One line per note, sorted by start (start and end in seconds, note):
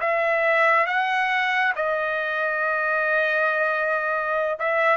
0.00 0.86 E5
0.86 1.73 F#5
1.75 4.58 D#5
4.59 4.97 E5